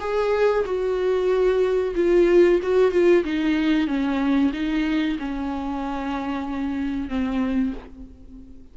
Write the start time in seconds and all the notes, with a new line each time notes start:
0.00 G#4
0.65 F#4
1.96 F4
2.63 F#4
2.91 F4
3.24 D#4
3.87 C#4
4.53 D#4
5.19 C#4
7.09 C4